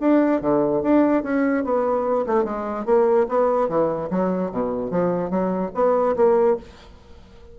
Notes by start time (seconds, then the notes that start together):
0.00 D4
0.41 D3
0.82 D4
1.23 C#4
1.64 B3
2.27 A3
2.44 G#3
2.85 A#3
3.28 B3
3.68 E3
4.10 F#3
4.51 B2
4.91 F3
5.30 F#3
5.75 B3
6.16 A#3